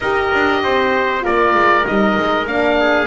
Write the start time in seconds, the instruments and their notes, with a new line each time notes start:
0.00 double bass D#4, horn G4, trumpet A#4, oboe D#5
0.33 double bass D4
0.63 double bass C4, trumpet C5
1.21 horn F4, trumpet A#4, oboe D5
1.27 double bass A#3
1.54 double bass G#3
1.84 double bass G3, horn D#4, oboe D#5
2.19 double bass G#3
2.46 double bass A#3, horn D4, oboe F5
2.80 trumpet G#4